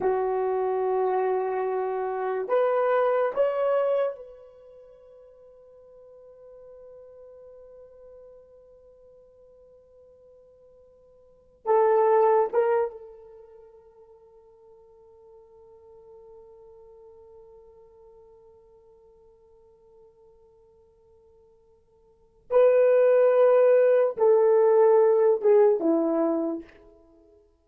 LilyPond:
\new Staff \with { instrumentName = "horn" } { \time 4/4 \tempo 4 = 72 fis'2. b'4 | cis''4 b'2.~ | b'1~ | b'2 a'4 ais'8 a'8~ |
a'1~ | a'1~ | a'2. b'4~ | b'4 a'4. gis'8 e'4 | }